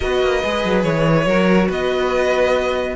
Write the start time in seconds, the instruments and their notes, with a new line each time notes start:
0.00 cello B3, viola F#4, violin B4 D#5
0.22 cello A#3
0.43 cello G#3, viola G#4
0.64 cello F#3
0.83 cello E3, violin C#5
1.26 cello F#3, viola F#4, violin A#4
1.68 cello B3, violin B4 D#5